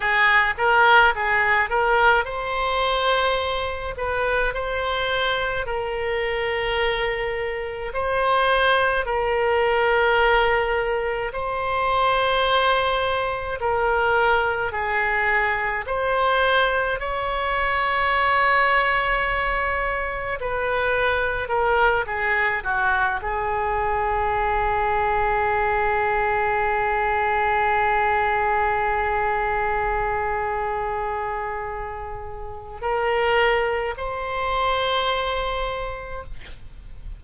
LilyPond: \new Staff \with { instrumentName = "oboe" } { \time 4/4 \tempo 4 = 53 gis'8 ais'8 gis'8 ais'8 c''4. b'8 | c''4 ais'2 c''4 | ais'2 c''2 | ais'4 gis'4 c''4 cis''4~ |
cis''2 b'4 ais'8 gis'8 | fis'8 gis'2.~ gis'8~ | gis'1~ | gis'4 ais'4 c''2 | }